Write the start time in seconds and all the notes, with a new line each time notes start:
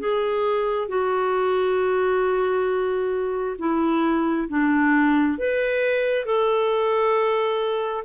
0.00 G#4
0.89 F#4
3.59 E4
4.49 D4
5.39 B4
6.26 A4